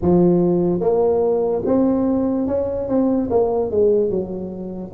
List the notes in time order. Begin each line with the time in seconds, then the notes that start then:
0.01 F3
0.80 A#3
1.65 C4
2.47 C#4
2.88 C4
3.30 A#3
3.70 G#3
4.09 F#3